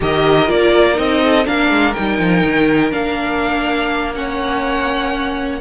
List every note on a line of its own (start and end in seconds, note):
0.00 0.49 D#3
0.00 0.46 G4
0.00 1.23 A#4
0.00 0.50 D#5
0.46 0.98 A#3
0.46 0.94 F4
0.46 0.97 D5
0.94 1.47 C4
0.94 1.42 D#4
0.94 1.46 D#5
1.24 1.46 A4
1.45 1.70 A#3
1.45 1.93 D4
1.45 4.14 A#4
1.45 1.93 F5
1.70 1.94 G#3
1.93 2.18 G3
1.93 2.91 D#4
1.93 2.91 G5
2.18 2.43 F3
2.44 2.92 D#3
2.91 5.60 A#3
2.91 4.13 D4
2.91 4.14 F5
4.14 5.60 C#4
4.14 5.60 C#5
4.14 5.60 F#5